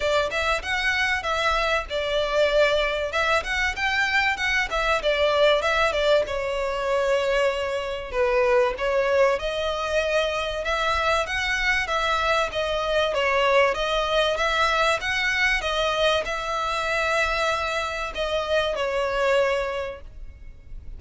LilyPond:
\new Staff \with { instrumentName = "violin" } { \time 4/4 \tempo 4 = 96 d''8 e''8 fis''4 e''4 d''4~ | d''4 e''8 fis''8 g''4 fis''8 e''8 | d''4 e''8 d''8 cis''2~ | cis''4 b'4 cis''4 dis''4~ |
dis''4 e''4 fis''4 e''4 | dis''4 cis''4 dis''4 e''4 | fis''4 dis''4 e''2~ | e''4 dis''4 cis''2 | }